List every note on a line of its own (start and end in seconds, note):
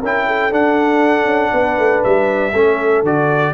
0.00 0.52 C#4
0.00 0.51 E4
0.00 0.25 A#4
0.00 0.53 G5
0.27 1.52 A4
0.51 2.53 D4
0.51 1.25 D4
0.51 2.03 F#5
1.25 1.50 C#4
1.52 1.78 B3
1.52 2.53 B4
1.78 2.03 A3
2.03 2.53 G3
2.03 3.04 E5
2.53 3.03 A3
2.53 3.05 C#4
2.53 3.53 A4
3.03 3.53 D3
3.03 3.53 F#4
3.03 3.53 D5